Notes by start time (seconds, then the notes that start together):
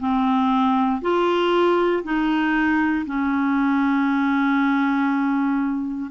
0.00 C4
1.02 F4
2.04 D#4
3.06 C#4